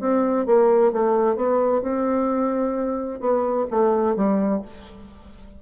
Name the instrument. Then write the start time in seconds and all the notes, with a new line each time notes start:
bassoon
0.00 C4
0.46 A#3
0.92 A3
1.36 B3
1.82 C4
3.20 B3
3.70 A3
4.16 G3